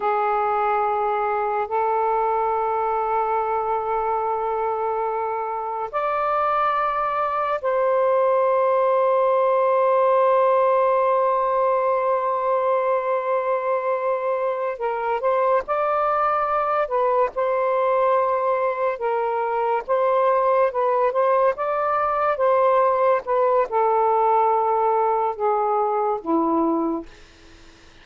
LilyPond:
\new Staff \with { instrumentName = "saxophone" } { \time 4/4 \tempo 4 = 71 gis'2 a'2~ | a'2. d''4~ | d''4 c''2.~ | c''1~ |
c''4. ais'8 c''8 d''4. | b'8 c''2 ais'4 c''8~ | c''8 b'8 c''8 d''4 c''4 b'8 | a'2 gis'4 e'4 | }